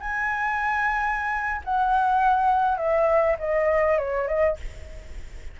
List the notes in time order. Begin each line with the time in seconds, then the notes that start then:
0.00 G#5
1.64 F#5
2.77 E5
3.39 D#5
3.98 C#5
4.27 D#5